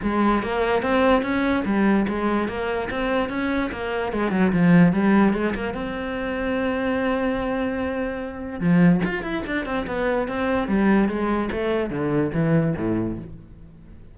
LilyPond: \new Staff \with { instrumentName = "cello" } { \time 4/4 \tempo 4 = 146 gis4 ais4 c'4 cis'4 | g4 gis4 ais4 c'4 | cis'4 ais4 gis8 fis8 f4 | g4 gis8 ais8 c'2~ |
c'1~ | c'4 f4 f'8 e'8 d'8 c'8 | b4 c'4 g4 gis4 | a4 d4 e4 a,4 | }